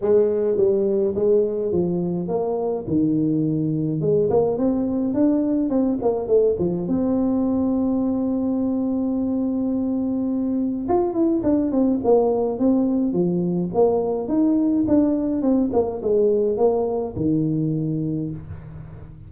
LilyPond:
\new Staff \with { instrumentName = "tuba" } { \time 4/4 \tempo 4 = 105 gis4 g4 gis4 f4 | ais4 dis2 gis8 ais8 | c'4 d'4 c'8 ais8 a8 f8 | c'1~ |
c'2. f'8 e'8 | d'8 c'8 ais4 c'4 f4 | ais4 dis'4 d'4 c'8 ais8 | gis4 ais4 dis2 | }